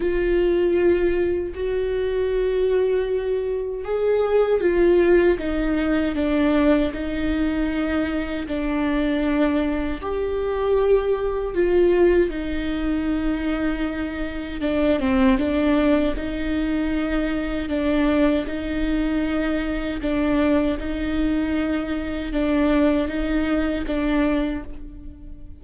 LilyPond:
\new Staff \with { instrumentName = "viola" } { \time 4/4 \tempo 4 = 78 f'2 fis'2~ | fis'4 gis'4 f'4 dis'4 | d'4 dis'2 d'4~ | d'4 g'2 f'4 |
dis'2. d'8 c'8 | d'4 dis'2 d'4 | dis'2 d'4 dis'4~ | dis'4 d'4 dis'4 d'4 | }